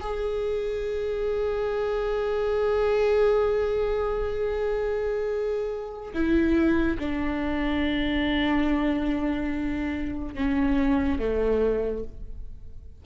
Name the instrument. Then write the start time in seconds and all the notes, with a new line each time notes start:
viola
0.00 G#4
6.13 E4
6.99 D4
10.34 C#4
11.19 A3